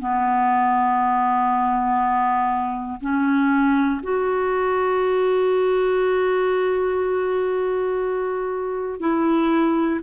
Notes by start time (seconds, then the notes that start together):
0.00 B3
3.01 C#4
4.03 F#4
9.00 E4